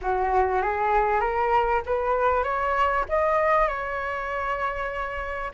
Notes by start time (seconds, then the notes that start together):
0.01 F#4
0.62 G#4
1.20 A#4
1.85 B4
2.43 C#5
3.09 D#5
3.67 C#5